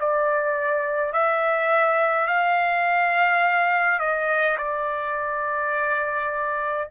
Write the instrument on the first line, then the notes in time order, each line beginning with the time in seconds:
trumpet
0.00 D5
1.13 E5
2.28 F5
4.00 D#5
4.58 D5